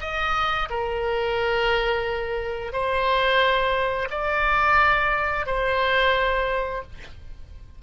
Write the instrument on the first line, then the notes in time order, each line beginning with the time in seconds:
oboe
0.00 D#5
0.70 A#4
2.72 C5
4.10 D5
5.46 C5